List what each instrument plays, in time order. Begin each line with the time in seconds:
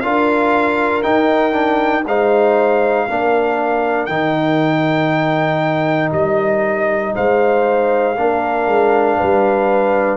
0.00 tuba D4, trombone F4, horn A#4, trumpet F5
1.02 trombone D#4, tuba D#4, trumpet G5
1.52 trombone D4
2.05 tuba G#3, trombone D#4, horn C5, trumpet F5
3.07 tuba A#3, trombone D4, horn A#4
4.05 tuba D#3, trombone D#4, trumpet G5
6.12 tuba G3, trumpet D#5
7.14 tuba G#3, horn C5, trumpet F5
8.17 tuba A#3, trombone D4, horn A#4
8.66 tuba G#3
9.17 tuba G3, horn B4